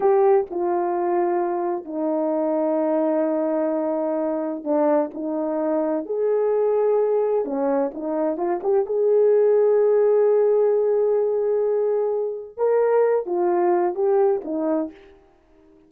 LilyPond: \new Staff \with { instrumentName = "horn" } { \time 4/4 \tempo 4 = 129 g'4 f'2. | dis'1~ | dis'2 d'4 dis'4~ | dis'4 gis'2. |
cis'4 dis'4 f'8 g'8 gis'4~ | gis'1~ | gis'2. ais'4~ | ais'8 f'4. g'4 dis'4 | }